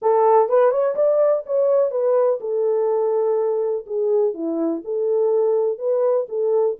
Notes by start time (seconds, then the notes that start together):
0.02 A4
0.49 B4
0.70 C#5
0.95 D5
1.46 C#5
1.90 B4
2.40 A4
3.86 G#4
4.34 E4
4.84 A4
5.78 B4
6.28 A4